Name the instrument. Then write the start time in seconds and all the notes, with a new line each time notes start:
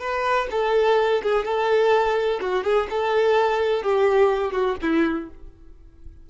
violin
0.00 B4
0.51 A4
1.23 G#4
1.45 A4
2.41 F#4
2.64 G#4
2.90 A4
3.83 G4
4.52 F#4
4.82 E4